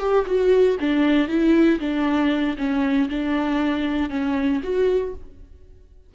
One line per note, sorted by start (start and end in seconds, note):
0.00 0.26 G4
0.27 0.78 F#4
0.80 1.28 D4
1.28 1.79 E4
1.80 2.57 D4
2.58 3.09 C#4
3.10 4.10 D4
4.10 4.61 C#4
4.64 5.15 F#4